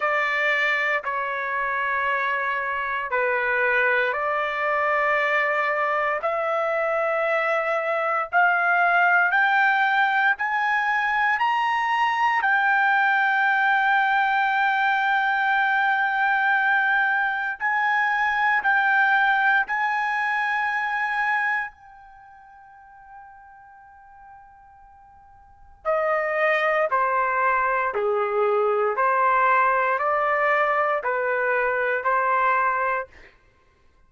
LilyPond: \new Staff \with { instrumentName = "trumpet" } { \time 4/4 \tempo 4 = 58 d''4 cis''2 b'4 | d''2 e''2 | f''4 g''4 gis''4 ais''4 | g''1~ |
g''4 gis''4 g''4 gis''4~ | gis''4 g''2.~ | g''4 dis''4 c''4 gis'4 | c''4 d''4 b'4 c''4 | }